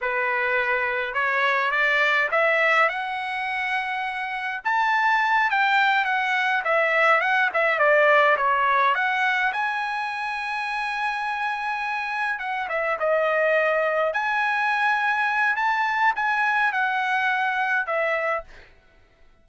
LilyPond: \new Staff \with { instrumentName = "trumpet" } { \time 4/4 \tempo 4 = 104 b'2 cis''4 d''4 | e''4 fis''2. | a''4. g''4 fis''4 e''8~ | e''8 fis''8 e''8 d''4 cis''4 fis''8~ |
fis''8 gis''2.~ gis''8~ | gis''4. fis''8 e''8 dis''4.~ | dis''8 gis''2~ gis''8 a''4 | gis''4 fis''2 e''4 | }